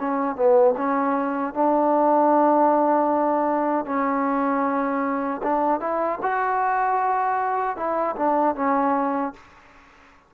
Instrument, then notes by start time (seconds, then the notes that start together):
trombone
0.00 C#4
0.36 B3
0.77 C#4
1.54 D4
3.85 C#4
5.43 D4
5.80 E4
6.22 F#4
7.76 E4
8.16 D4
8.55 C#4